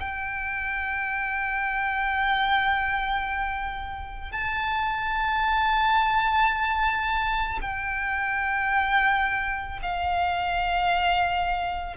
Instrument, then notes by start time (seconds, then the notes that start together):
violin
0.00 G5
4.32 A5
7.61 G5
9.82 F5